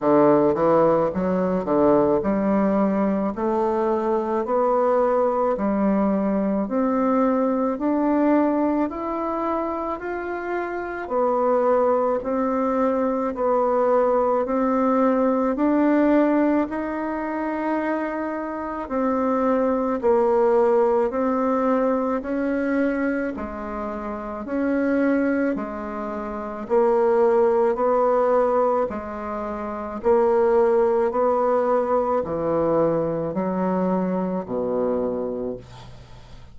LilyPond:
\new Staff \with { instrumentName = "bassoon" } { \time 4/4 \tempo 4 = 54 d8 e8 fis8 d8 g4 a4 | b4 g4 c'4 d'4 | e'4 f'4 b4 c'4 | b4 c'4 d'4 dis'4~ |
dis'4 c'4 ais4 c'4 | cis'4 gis4 cis'4 gis4 | ais4 b4 gis4 ais4 | b4 e4 fis4 b,4 | }